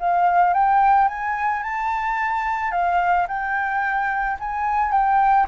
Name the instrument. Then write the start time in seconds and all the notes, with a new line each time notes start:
flute
0.00 F5
0.54 G5
1.08 G#5
1.63 A5
2.72 F5
3.28 G5
4.40 G#5
4.92 G5